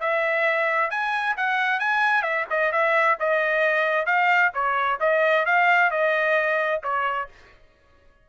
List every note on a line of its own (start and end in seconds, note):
0.00 0.91 E5
0.91 1.36 G#5
1.37 1.80 F#5
1.80 2.23 G#5
2.23 2.45 E5
2.50 2.72 D#5
2.72 3.17 E5
3.20 4.06 D#5
4.06 4.52 F5
4.54 4.99 C#5
5.00 5.45 D#5
5.46 5.91 F5
5.91 6.82 D#5
6.83 7.29 C#5